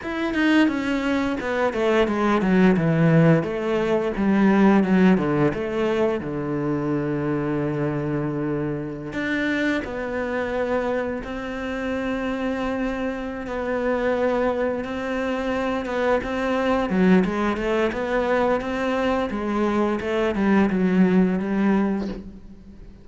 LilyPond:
\new Staff \with { instrumentName = "cello" } { \time 4/4 \tempo 4 = 87 e'8 dis'8 cis'4 b8 a8 gis8 fis8 | e4 a4 g4 fis8 d8 | a4 d2.~ | d4~ d16 d'4 b4.~ b16~ |
b16 c'2.~ c'16 b8~ | b4. c'4. b8 c'8~ | c'8 fis8 gis8 a8 b4 c'4 | gis4 a8 g8 fis4 g4 | }